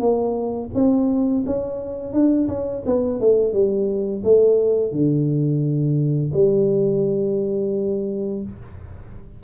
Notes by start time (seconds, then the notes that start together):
0.00 A#3
0.75 C4
1.46 C#4
2.13 D4
2.49 C#4
2.86 B3
3.21 A3
3.53 G3
4.24 A3
4.92 D3
6.34 G3